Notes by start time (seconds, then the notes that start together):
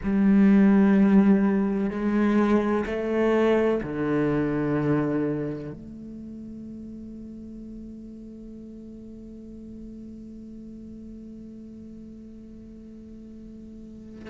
0.03 G3
1.90 G#3
2.86 A3
3.83 D3
5.72 A3